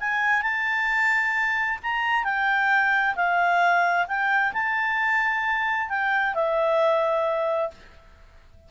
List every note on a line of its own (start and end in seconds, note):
0.00 0.42 G#5
0.42 1.79 A5
1.83 2.24 A#5
2.24 3.15 G5
3.15 4.06 F5
4.07 4.53 G5
4.53 5.89 A5
5.89 6.34 G5
6.34 7.71 E5